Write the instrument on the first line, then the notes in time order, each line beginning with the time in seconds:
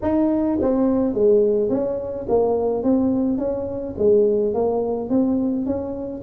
tuba
0.02 D#4
0.61 C4
1.14 G#3
1.69 C#4
2.28 A#3
2.83 C4
3.38 C#4
3.98 G#3
4.54 A#3
5.09 C4
5.66 C#4